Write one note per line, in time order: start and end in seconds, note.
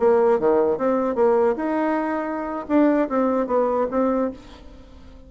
0.00 0.39 A#3
0.39 0.78 D#3
0.78 1.16 C4
1.16 1.56 A#3
1.56 2.66 D#4
2.69 3.09 D4
3.09 3.47 C4
3.47 3.87 B3
3.91 4.31 C4